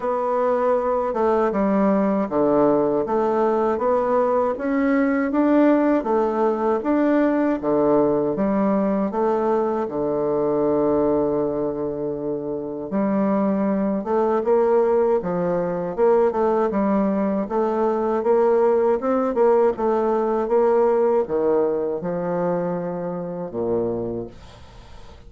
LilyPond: \new Staff \with { instrumentName = "bassoon" } { \time 4/4 \tempo 4 = 79 b4. a8 g4 d4 | a4 b4 cis'4 d'4 | a4 d'4 d4 g4 | a4 d2.~ |
d4 g4. a8 ais4 | f4 ais8 a8 g4 a4 | ais4 c'8 ais8 a4 ais4 | dis4 f2 ais,4 | }